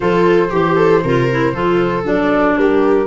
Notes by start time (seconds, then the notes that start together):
0.00 F3 F4 A4 C5
0.50 E3 G4
0.75 A4
1.03 C3 F4 A#4
1.31 E4
1.53 F3 F4 A4
2.03 F#3 D4 D5
2.57 G3 G4 A#4